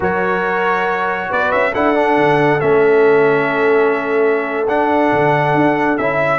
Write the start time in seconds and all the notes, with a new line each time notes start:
0.00 F#3 F#4 A#4 C#5
1.29 B3 B4 D5
1.51 C#4 E5
1.72 D4 E4 A4 F#5
1.94 D4
2.16 D3
2.60 A3 C#4 E5
4.67 D4 F#5
5.12 D3
5.54 D4
5.97 C#4 E4 E5